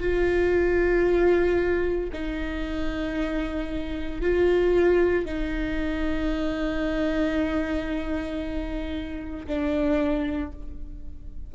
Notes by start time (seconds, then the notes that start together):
0.00 F4
2.13 D#4
4.21 F4
5.25 D#4
9.47 D4